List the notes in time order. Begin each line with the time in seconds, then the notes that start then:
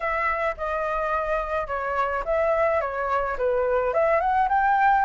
0.00 E5
0.57 D#5
1.67 C#5
2.25 E5
2.80 C#5
3.38 B4
3.93 E5
4.20 F#5
4.49 G5